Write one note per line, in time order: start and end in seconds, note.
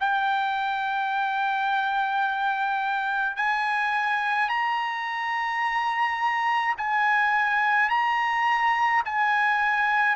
0.00 3.37 G5
3.37 4.49 G#5
4.49 6.75 A#5
6.77 7.89 G#5
7.89 9.03 A#5
9.05 10.16 G#5